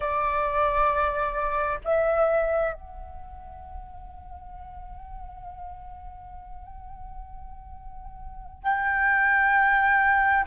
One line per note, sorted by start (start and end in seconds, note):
0.00 1.79 D5
1.84 2.73 E5
2.73 8.63 F#5
8.63 10.45 G5